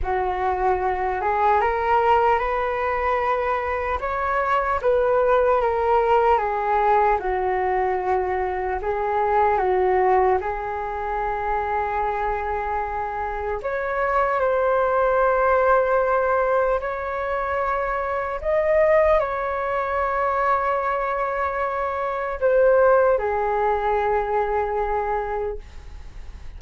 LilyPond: \new Staff \with { instrumentName = "flute" } { \time 4/4 \tempo 4 = 75 fis'4. gis'8 ais'4 b'4~ | b'4 cis''4 b'4 ais'4 | gis'4 fis'2 gis'4 | fis'4 gis'2.~ |
gis'4 cis''4 c''2~ | c''4 cis''2 dis''4 | cis''1 | c''4 gis'2. | }